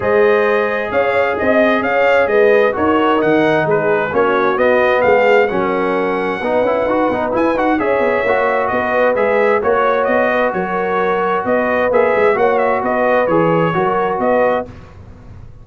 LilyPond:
<<
  \new Staff \with { instrumentName = "trumpet" } { \time 4/4 \tempo 4 = 131 dis''2 f''4 dis''4 | f''4 dis''4 cis''4 fis''4 | b'4 cis''4 dis''4 f''4 | fis''1 |
gis''8 fis''8 e''2 dis''4 | e''4 cis''4 dis''4 cis''4~ | cis''4 dis''4 e''4 fis''8 e''8 | dis''4 cis''2 dis''4 | }
  \new Staff \with { instrumentName = "horn" } { \time 4/4 c''2 cis''4 dis''4 | cis''4 b'4 ais'2 | gis'4 fis'2 gis'4 | ais'2 b'2~ |
b'4 cis''2 b'4~ | b'4 cis''4. b'8 ais'4~ | ais'4 b'2 cis''4 | b'2 ais'4 b'4 | }
  \new Staff \with { instrumentName = "trombone" } { \time 4/4 gis'1~ | gis'2 fis'4 dis'4~ | dis'4 cis'4 b2 | cis'2 dis'8 e'8 fis'8 dis'8 |
e'8 fis'8 gis'4 fis'2 | gis'4 fis'2.~ | fis'2 gis'4 fis'4~ | fis'4 gis'4 fis'2 | }
  \new Staff \with { instrumentName = "tuba" } { \time 4/4 gis2 cis'4 c'4 | cis'4 gis4 dis'4 dis4 | gis4 ais4 b4 gis4 | fis2 b8 cis'8 dis'8 b8 |
e'8 dis'8 cis'8 b8 ais4 b4 | gis4 ais4 b4 fis4~ | fis4 b4 ais8 gis8 ais4 | b4 e4 fis4 b4 | }
>>